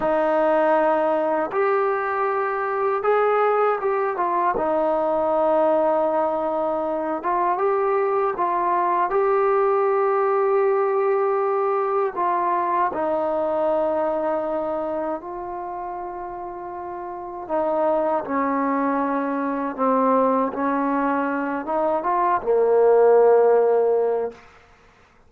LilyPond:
\new Staff \with { instrumentName = "trombone" } { \time 4/4 \tempo 4 = 79 dis'2 g'2 | gis'4 g'8 f'8 dis'2~ | dis'4. f'8 g'4 f'4 | g'1 |
f'4 dis'2. | f'2. dis'4 | cis'2 c'4 cis'4~ | cis'8 dis'8 f'8 ais2~ ais8 | }